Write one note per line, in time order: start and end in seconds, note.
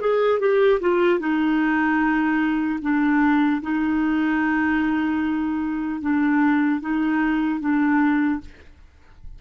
0.00 0.39 G#4
0.39 0.79 G4
0.80 1.19 F4
1.19 2.79 D#4
2.81 3.61 D4
3.61 6.01 D#4
6.01 6.80 D4
6.80 7.60 D#4
7.60 8.40 D4